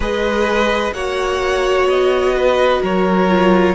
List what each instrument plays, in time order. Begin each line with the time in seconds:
0.00 cello G#3, viola G#4, violin B4 D#5
0.92 cello A#3, viola F#4, violin C#5 F#5
1.86 cello B3, violin D#5
2.36 violin B4
2.82 cello F#3, violin A#4 C#5
3.29 viola F4